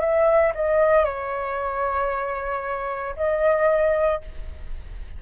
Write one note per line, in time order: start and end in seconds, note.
0.00 0.53 E5
0.54 1.04 D#5
1.04 3.15 C#5
3.16 4.21 D#5